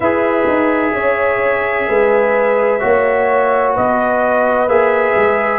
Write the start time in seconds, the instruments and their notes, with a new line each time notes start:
0.00 tuba E4, trombone G#4, horn B4, trumpet E5
0.47 tuba D#4
0.91 tuba C#4, horn C#5
1.88 tuba G#3, horn B4
2.80 tuba A#3, trombone F#4, horn C#5
3.73 tuba B3, horn B4, trumpet D#5
4.67 tuba A#3, trombone G#4, trumpet E5
5.15 tuba G#3